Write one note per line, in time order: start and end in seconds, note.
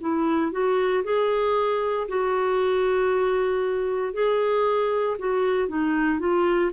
0.00 0.51 E4
0.51 1.03 F#4
1.03 2.07 G#4
2.08 4.13 F#4
4.13 5.17 G#4
5.19 5.68 F#4
5.68 6.19 D#4
6.19 6.71 F4